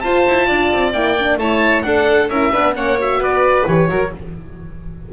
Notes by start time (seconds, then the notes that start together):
0.00 F4 C5 A5
0.27 E4
0.46 D4 D5
0.72 C4
0.93 A#3 E4 G5
1.19 D4
1.37 A3 E4 C#5 A5
1.82 D4 A4 F#5
2.29 C#4 E4 A#4 E5
2.51 B3 D4 B4
2.73 A#3 C#4 C#5 F#5
2.98 F#4 E5
3.18 B3 B4 D5
3.66 E3 G4 C#5
3.88 F#3 F#4 A#4